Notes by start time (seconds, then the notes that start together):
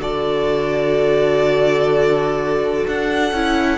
0.00 D3 F#4 A4 D5
2.87 D4 F#5
3.32 C#4 E4